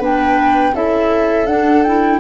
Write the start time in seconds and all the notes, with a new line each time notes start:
0.00 B3 D4 B4 G5
0.74 C#4 E4 A4 E5
1.47 D4 F#5
1.83 E4 G5